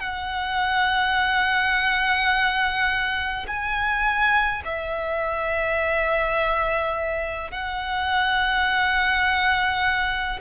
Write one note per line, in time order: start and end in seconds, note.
0.00 3.46 F#5
3.48 4.63 G#5
4.65 7.51 E5
7.51 10.40 F#5